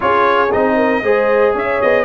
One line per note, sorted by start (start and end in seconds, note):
0.00 0.53 C#4
0.00 0.47 F4
0.00 0.76 G#4
0.00 0.52 C#5
0.51 1.02 C4
0.51 1.03 D#4
0.51 1.55 D#5
0.76 1.02 A#4
1.02 1.54 G#3
1.02 2.05 G#4
1.02 1.54 C5
1.54 1.80 C#4
1.54 2.05 C#5
1.54 1.81 E5
1.81 2.05 B3
1.81 2.05 D#5